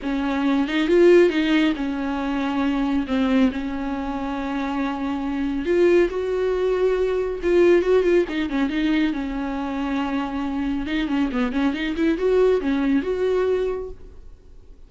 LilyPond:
\new Staff \with { instrumentName = "viola" } { \time 4/4 \tempo 4 = 138 cis'4. dis'8 f'4 dis'4 | cis'2. c'4 | cis'1~ | cis'4 f'4 fis'2~ |
fis'4 f'4 fis'8 f'8 dis'8 cis'8 | dis'4 cis'2.~ | cis'4 dis'8 cis'8 b8 cis'8 dis'8 e'8 | fis'4 cis'4 fis'2 | }